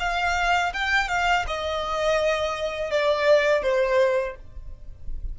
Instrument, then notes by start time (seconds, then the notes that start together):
violin
0.00 F5
0.74 G5
1.09 F5
1.48 D#5
2.91 D5
3.63 C5